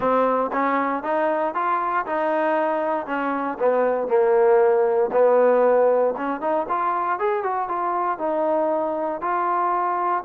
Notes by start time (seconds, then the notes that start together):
0.00 C4
0.52 C#4
1.03 D#4
1.54 F4
2.06 D#4
3.06 C#4
3.59 B3
4.07 A#3
5.11 B3
6.17 C#4
6.40 D#4
6.68 F4
7.19 G#4
7.43 F#4
7.68 F4
8.18 D#4
9.21 F4